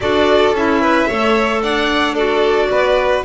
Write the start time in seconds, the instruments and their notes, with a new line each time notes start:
0.00 double bass D4, clarinet F#4, violin A4 D5
0.52 double bass C#4, clarinet E4, violin E5
0.81 violin B4
1.07 double bass A3, clarinet A4, violin C#5
1.62 double bass D4, violin D5 F#5
2.13 clarinet F#4, violin A4 D5
2.71 double bass B3, violin B4